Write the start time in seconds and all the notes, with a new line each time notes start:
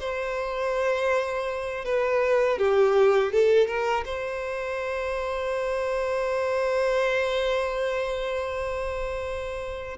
0.00 C5
1.85 B4
2.58 G4
3.32 A4
3.67 A#4
4.05 C5